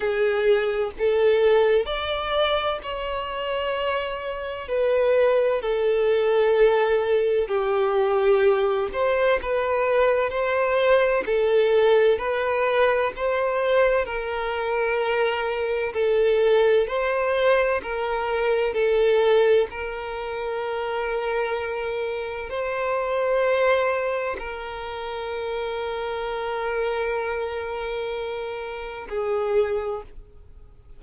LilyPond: \new Staff \with { instrumentName = "violin" } { \time 4/4 \tempo 4 = 64 gis'4 a'4 d''4 cis''4~ | cis''4 b'4 a'2 | g'4. c''8 b'4 c''4 | a'4 b'4 c''4 ais'4~ |
ais'4 a'4 c''4 ais'4 | a'4 ais'2. | c''2 ais'2~ | ais'2. gis'4 | }